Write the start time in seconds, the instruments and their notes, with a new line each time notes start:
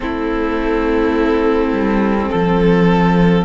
0.00 cello A3, viola C4, violin E4 A4
1.72 cello G3
2.29 cello F3, violin A4